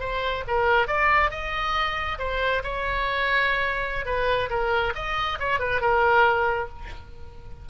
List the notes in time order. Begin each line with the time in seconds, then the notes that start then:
0.00 C5
0.47 A#4
0.87 D5
1.31 D#5
2.19 C5
2.63 C#5
4.06 B4
4.50 A#4
4.95 D#5
5.39 C#5
5.59 B4
5.81 A#4